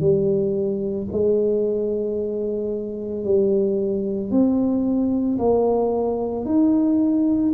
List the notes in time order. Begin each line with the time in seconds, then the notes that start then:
0.00 G3
1.12 G#3
3.25 G3
4.31 C4
5.39 A#3
6.45 D#4